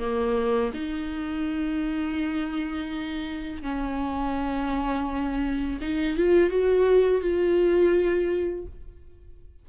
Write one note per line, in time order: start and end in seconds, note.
0.00 0.72 A#3
0.74 3.63 D#4
3.63 5.80 C#4
5.82 6.18 D#4
6.18 6.51 F4
6.51 7.21 F#4
7.21 8.66 F4